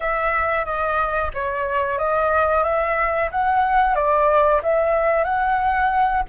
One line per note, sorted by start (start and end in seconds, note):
0.00 0.65 E5
0.65 1.31 D#5
1.34 1.98 C#5
1.98 2.63 D#5
2.63 3.29 E5
3.31 3.95 F#5
3.95 4.61 D5
4.62 5.24 E5
5.24 6.22 F#5